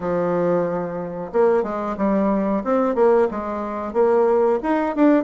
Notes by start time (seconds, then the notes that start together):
0.00 F3
1.32 A#3
1.63 G#3
1.97 G3
2.63 C4
2.95 A#3
3.30 G#3
3.93 A#3
4.62 D#4
4.95 D4